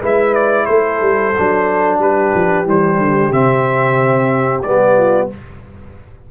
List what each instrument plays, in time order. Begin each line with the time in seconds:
0.00 tuba G#3, trombone E4, horn B4, trumpet E5
0.34 trumpet D5
0.65 tuba A3, horn A4, trumpet C5
1.01 tuba G3
1.37 tuba F#3, trombone D4
1.98 tuba G3, horn G4, trumpet B4
2.34 tuba F3
2.65 tuba E3, trombone G3, trumpet C5
2.98 tuba D3
3.31 tuba C3, trombone C4, trumpet E5
4.62 tuba G3, trombone B3, trumpet D5
4.96 horn F4